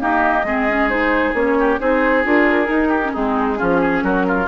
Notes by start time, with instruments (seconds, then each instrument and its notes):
0.00 clarinet A#3, bassoon D#4, oboe G4, flute D#5
0.44 bassoon G#3, clarinet C4, oboe G#4
0.68 clarinet C#4
0.89 clarinet D#4, flute C5
1.34 bassoon A#3, clarinet C#4, flute C#5
1.59 oboe G4
1.79 bassoon C4, clarinet D#4, oboe G#4, flute C5
2.24 bassoon D4, clarinet F4, flute A#4
2.67 clarinet D#4, bassoon D#4
2.88 oboe G4
3.04 clarinet C#4
3.13 bassoon G#3, clarinet C4, oboe D#4, flute G#4
3.57 bassoon F3, clarinet C#4, oboe F4
3.81 oboe G#4
4.03 bassoon F#3, oboe F#4, flute A#4
4.28 oboe F4